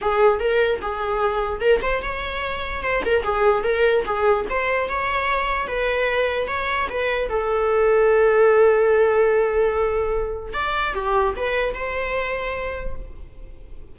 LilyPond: \new Staff \with { instrumentName = "viola" } { \time 4/4 \tempo 4 = 148 gis'4 ais'4 gis'2 | ais'8 c''8 cis''2 c''8 ais'8 | gis'4 ais'4 gis'4 c''4 | cis''2 b'2 |
cis''4 b'4 a'2~ | a'1~ | a'2 d''4 g'4 | b'4 c''2. | }